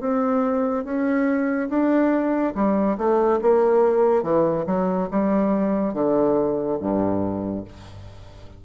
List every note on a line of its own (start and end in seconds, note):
0.00 0.84 C4
0.84 1.69 C#4
1.69 2.54 D4
2.55 2.97 G3
2.97 3.40 A3
3.41 4.23 A#3
4.23 4.65 E3
4.66 5.09 F#3
5.11 5.93 G3
5.93 6.78 D3
6.80 7.64 G2